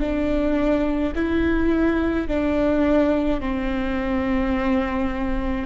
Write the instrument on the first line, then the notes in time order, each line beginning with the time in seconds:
viola
0.00 D4
1.15 E4
2.27 D4
3.40 C4